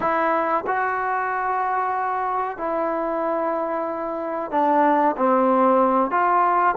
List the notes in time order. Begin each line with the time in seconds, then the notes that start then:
0.00 E4
0.66 F#4
2.57 E4
4.51 D4
5.16 C4
6.11 F4